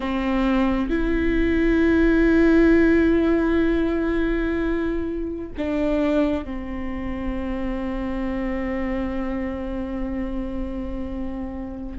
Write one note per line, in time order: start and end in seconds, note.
0.00 0.89 C4
0.89 5.51 E4
5.57 6.44 D4
6.44 11.98 C4